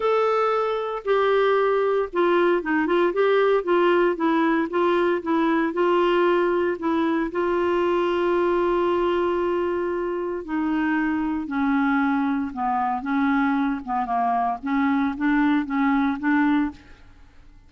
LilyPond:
\new Staff \with { instrumentName = "clarinet" } { \time 4/4 \tempo 4 = 115 a'2 g'2 | f'4 dis'8 f'8 g'4 f'4 | e'4 f'4 e'4 f'4~ | f'4 e'4 f'2~ |
f'1 | dis'2 cis'2 | b4 cis'4. b8 ais4 | cis'4 d'4 cis'4 d'4 | }